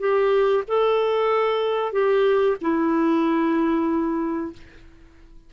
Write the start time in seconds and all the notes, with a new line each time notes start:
0.00 G4
0.68 A4
1.93 G4
2.62 E4